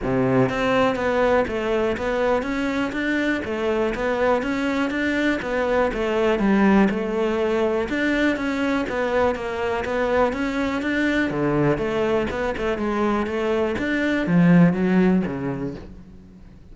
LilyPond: \new Staff \with { instrumentName = "cello" } { \time 4/4 \tempo 4 = 122 c4 c'4 b4 a4 | b4 cis'4 d'4 a4 | b4 cis'4 d'4 b4 | a4 g4 a2 |
d'4 cis'4 b4 ais4 | b4 cis'4 d'4 d4 | a4 b8 a8 gis4 a4 | d'4 f4 fis4 cis4 | }